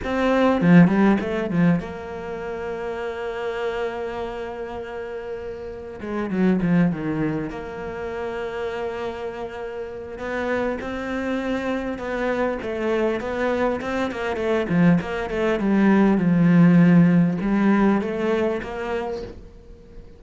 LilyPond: \new Staff \with { instrumentName = "cello" } { \time 4/4 \tempo 4 = 100 c'4 f8 g8 a8 f8 ais4~ | ais1~ | ais2 gis8 fis8 f8 dis8~ | dis8 ais2.~ ais8~ |
ais4 b4 c'2 | b4 a4 b4 c'8 ais8 | a8 f8 ais8 a8 g4 f4~ | f4 g4 a4 ais4 | }